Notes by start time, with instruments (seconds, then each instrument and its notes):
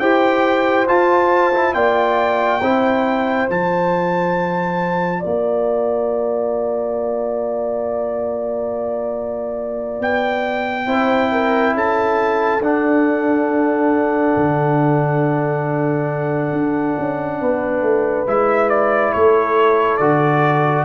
0.00 tuba E4, trombone G4, horn C5, trumpet G5
0.88 trombone F4, tuba F4, trumpet A5
1.54 trombone E4
1.74 tuba A#3, trombone F4, horn D5, trumpet G5
2.62 tuba C4, trombone E4, horn C5
3.49 tuba F3, trombone F4, trumpet A5
5.20 tuba A#3, horn D5, trumpet A#5
10.00 tuba B3, trumpet G5
10.86 tuba C4, trombone E4, horn C5
11.32 horn A#4
11.74 tuba C#4, horn A4, trumpet A5
12.61 tuba D4, trombone D4, trumpet F#5
14.37 tuba D3
16.53 tuba D4
16.99 tuba C#4
17.41 tuba B3, horn B4
17.82 tuba A3
18.27 tuba G#3, trombone E4, trumpet E5
18.70 trumpet D5
19.13 tuba A3, horn A4, trumpet C#5
19.98 tuba D3, trombone F#4, trumpet D5